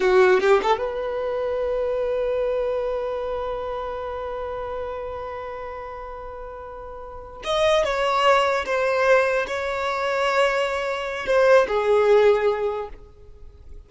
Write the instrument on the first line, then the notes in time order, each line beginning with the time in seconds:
violin
0.00 F#4
0.40 G4
0.62 A4
0.78 B4
7.43 D#5
7.84 C#5
8.65 C5
9.47 C#5
11.26 C5
11.68 G#4